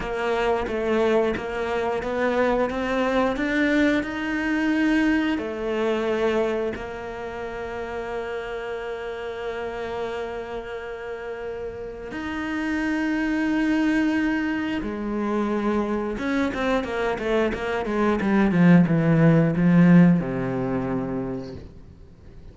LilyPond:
\new Staff \with { instrumentName = "cello" } { \time 4/4 \tempo 4 = 89 ais4 a4 ais4 b4 | c'4 d'4 dis'2 | a2 ais2~ | ais1~ |
ais2 dis'2~ | dis'2 gis2 | cis'8 c'8 ais8 a8 ais8 gis8 g8 f8 | e4 f4 c2 | }